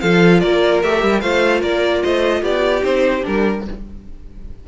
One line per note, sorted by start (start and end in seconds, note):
0.00 0.42 F3
0.00 0.83 F4
0.00 0.41 A4
0.00 0.40 F5
0.40 0.83 A#3
0.40 1.21 A#4
0.40 0.80 D5
0.83 1.02 A3
0.83 1.22 G4
0.83 1.20 E5
1.02 1.22 G3
1.20 1.62 A3
1.20 2.80 F4
1.20 1.60 C5
1.20 1.61 F5
1.60 2.02 A#3
1.60 2.01 A#4
1.60 2.02 D5
2.02 2.42 A3
2.02 2.41 C5
2.02 2.43 D#5
2.41 2.83 B3
2.41 3.63 G4
2.41 2.84 D5
2.80 3.23 C4
2.80 3.20 D#4
2.80 3.24 C5
3.21 3.67 G3
3.21 3.62 D4
3.21 3.66 A#4